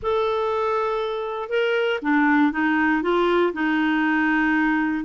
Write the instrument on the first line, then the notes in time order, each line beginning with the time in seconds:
clarinet
0.02 A4
1.49 A#4
2.01 D4
2.51 D#4
3.02 F4
3.53 D#4